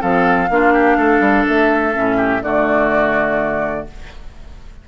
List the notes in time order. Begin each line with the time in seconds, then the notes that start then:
0.00 F3 C4 A4 F5
0.49 A#3 D4 F4
0.73 G4
0.97 A3 A4
1.20 G3
1.48 A3 E5
1.93 A2 C#4
2.17 G4
2.42 D3 A3 F#4 D5